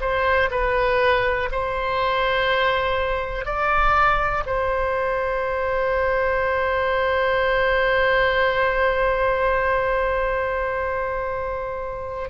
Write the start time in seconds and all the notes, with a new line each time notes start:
0.00 C5
0.51 B4
1.51 C5
3.45 D5
4.46 C5